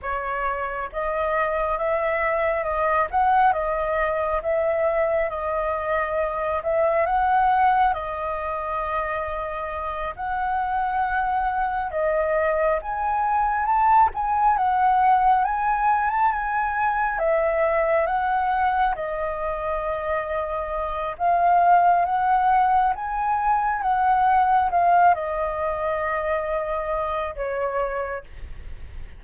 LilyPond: \new Staff \with { instrumentName = "flute" } { \time 4/4 \tempo 4 = 68 cis''4 dis''4 e''4 dis''8 fis''8 | dis''4 e''4 dis''4. e''8 | fis''4 dis''2~ dis''8 fis''8~ | fis''4. dis''4 gis''4 a''8 |
gis''8 fis''4 gis''8. a''16 gis''4 e''8~ | e''8 fis''4 dis''2~ dis''8 | f''4 fis''4 gis''4 fis''4 | f''8 dis''2~ dis''8 cis''4 | }